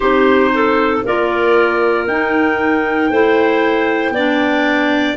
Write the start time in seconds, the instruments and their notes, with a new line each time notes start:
0.00 tuba C4, clarinet D#4 G4, trumpet C5
0.54 clarinet A4
1.04 tuba A#3, clarinet F4 A#4, trumpet D5
2.07 tuba D#4, clarinet D#4, trumpet G5
3.09 tuba A3, clarinet E4 C5
4.10 tuba B3, clarinet D4 D5